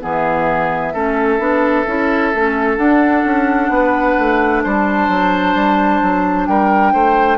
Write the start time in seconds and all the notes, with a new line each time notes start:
0.00 E3 B3 G#4 E5
0.93 A3 C#4 A4
1.38 B3 D4
1.86 C#4 E4
2.34 A3 C#4
2.76 D4 F#5
3.24 C#4
3.69 B3 B4
4.18 A3
4.63 G3 C5 A5
5.08 F#3
5.55 G3
6.02 F#3
6.46 G3 A#4 G5
6.92 A3 C5